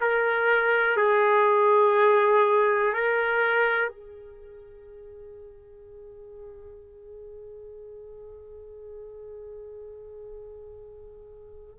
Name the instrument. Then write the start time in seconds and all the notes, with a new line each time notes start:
trumpet
0.00 A#4
0.96 G#4
2.93 A#4
3.88 G#4